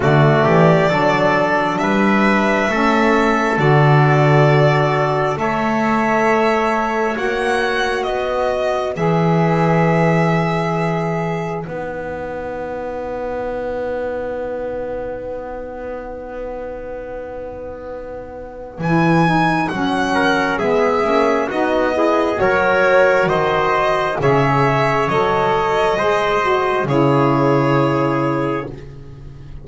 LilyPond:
<<
  \new Staff \with { instrumentName = "violin" } { \time 4/4 \tempo 4 = 67 d''2 e''2 | d''2 e''2 | fis''4 dis''4 e''2~ | e''4 fis''2.~ |
fis''1~ | fis''4 gis''4 fis''4 e''4 | dis''4 cis''4 dis''4 e''4 | dis''2 cis''2 | }
  \new Staff \with { instrumentName = "trumpet" } { \time 4/4 fis'8 g'8 a'4 b'4 a'4~ | a'2 cis''2~ | cis''4 b'2.~ | b'1~ |
b'1~ | b'2~ b'8 ais'8 gis'4 | fis'8 gis'8 ais'4 c''4 cis''4~ | cis''4 c''4 gis'2 | }
  \new Staff \with { instrumentName = "saxophone" } { \time 4/4 a4 d'2 cis'4 | fis'2 a'2 | fis'2 gis'2~ | gis'4 dis'2.~ |
dis'1~ | dis'4 e'8 dis'8 cis'4 b8 cis'8 | dis'8 e'8 fis'2 gis'4 | a'4 gis'8 fis'8 e'2 | }
  \new Staff \with { instrumentName = "double bass" } { \time 4/4 d8 e8 fis4 g4 a4 | d2 a2 | ais4 b4 e2~ | e4 b2.~ |
b1~ | b4 e4 fis4 gis8 ais8 | b4 fis4 dis4 cis4 | fis4 gis4 cis2 | }
>>